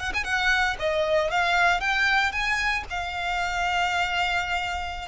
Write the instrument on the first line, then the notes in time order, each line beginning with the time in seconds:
violin
0.00 F#5
0.14 G#5
0.25 F#5
0.80 D#5
1.31 F5
1.81 G5
2.32 G#5
2.91 F5